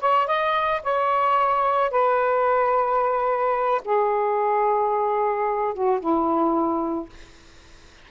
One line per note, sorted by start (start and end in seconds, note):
0.00 0.27 C#5
0.27 0.82 D#5
0.83 1.91 C#5
1.91 3.82 B4
3.84 5.74 G#4
5.74 6.00 F#4
6.00 7.09 E4